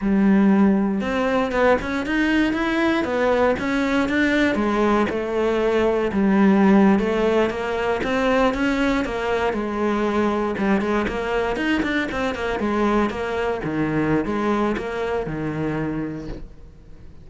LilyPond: \new Staff \with { instrumentName = "cello" } { \time 4/4 \tempo 4 = 118 g2 c'4 b8 cis'8 | dis'4 e'4 b4 cis'4 | d'4 gis4 a2 | g4.~ g16 a4 ais4 c'16~ |
c'8. cis'4 ais4 gis4~ gis16~ | gis8. g8 gis8 ais4 dis'8 d'8 c'16~ | c'16 ais8 gis4 ais4 dis4~ dis16 | gis4 ais4 dis2 | }